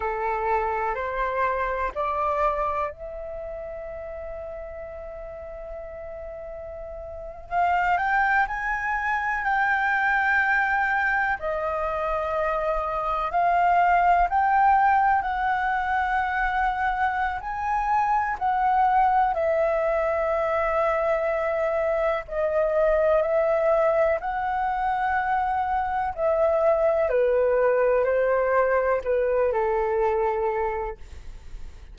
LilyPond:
\new Staff \with { instrumentName = "flute" } { \time 4/4 \tempo 4 = 62 a'4 c''4 d''4 e''4~ | e''2.~ e''8. f''16~ | f''16 g''8 gis''4 g''2 dis''16~ | dis''4.~ dis''16 f''4 g''4 fis''16~ |
fis''2 gis''4 fis''4 | e''2. dis''4 | e''4 fis''2 e''4 | b'4 c''4 b'8 a'4. | }